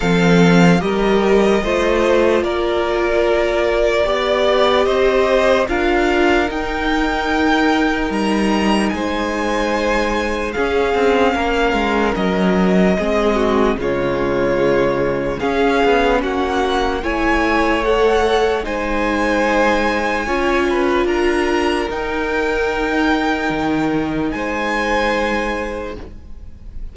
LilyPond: <<
  \new Staff \with { instrumentName = "violin" } { \time 4/4 \tempo 4 = 74 f''4 dis''2 d''4~ | d''2 dis''4 f''4 | g''2 ais''4 gis''4~ | gis''4 f''2 dis''4~ |
dis''4 cis''2 f''4 | fis''4 gis''4 fis''4 gis''4~ | gis''2 ais''4 g''4~ | g''2 gis''2 | }
  \new Staff \with { instrumentName = "violin" } { \time 4/4 a'4 ais'4 c''4 ais'4~ | ais'4 d''4 c''4 ais'4~ | ais'2. c''4~ | c''4 gis'4 ais'2 |
gis'8 fis'8 f'2 gis'4 | fis'4 cis''2 c''4~ | c''4 cis''8 b'8 ais'2~ | ais'2 c''2 | }
  \new Staff \with { instrumentName = "viola" } { \time 4/4 c'4 g'4 f'2~ | f'4 g'2 f'4 | dis'1~ | dis'4 cis'2. |
c'4 gis2 cis'4~ | cis'4 e'4 a'4 dis'4~ | dis'4 f'2 dis'4~ | dis'1 | }
  \new Staff \with { instrumentName = "cello" } { \time 4/4 f4 g4 a4 ais4~ | ais4 b4 c'4 d'4 | dis'2 g4 gis4~ | gis4 cis'8 c'8 ais8 gis8 fis4 |
gis4 cis2 cis'8 b8 | ais4 a2 gis4~ | gis4 cis'4 d'4 dis'4~ | dis'4 dis4 gis2 | }
>>